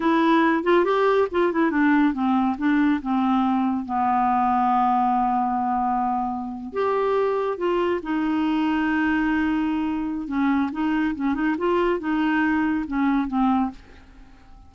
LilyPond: \new Staff \with { instrumentName = "clarinet" } { \time 4/4 \tempo 4 = 140 e'4. f'8 g'4 f'8 e'8 | d'4 c'4 d'4 c'4~ | c'4 b2.~ | b2.~ b8. g'16~ |
g'4.~ g'16 f'4 dis'4~ dis'16~ | dis'1 | cis'4 dis'4 cis'8 dis'8 f'4 | dis'2 cis'4 c'4 | }